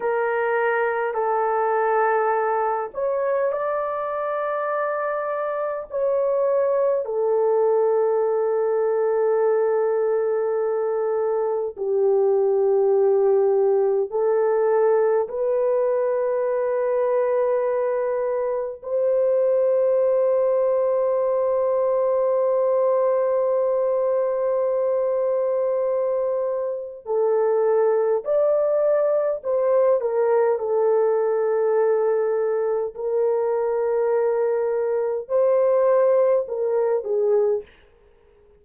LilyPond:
\new Staff \with { instrumentName = "horn" } { \time 4/4 \tempo 4 = 51 ais'4 a'4. cis''8 d''4~ | d''4 cis''4 a'2~ | a'2 g'2 | a'4 b'2. |
c''1~ | c''2. a'4 | d''4 c''8 ais'8 a'2 | ais'2 c''4 ais'8 gis'8 | }